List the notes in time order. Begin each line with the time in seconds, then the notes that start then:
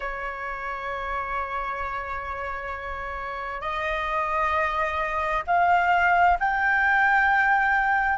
0.00 C#5
3.61 D#5
5.46 F5
6.39 G5